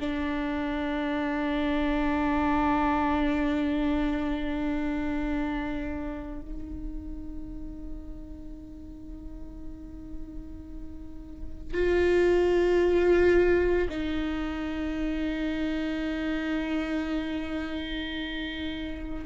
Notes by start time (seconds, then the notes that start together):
0.00 D4
6.41 D#4
11.74 F4
13.89 D#4